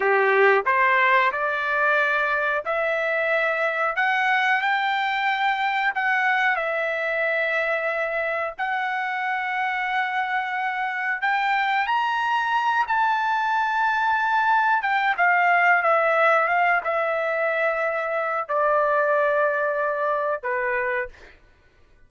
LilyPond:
\new Staff \with { instrumentName = "trumpet" } { \time 4/4 \tempo 4 = 91 g'4 c''4 d''2 | e''2 fis''4 g''4~ | g''4 fis''4 e''2~ | e''4 fis''2.~ |
fis''4 g''4 ais''4. a''8~ | a''2~ a''8 g''8 f''4 | e''4 f''8 e''2~ e''8 | d''2. b'4 | }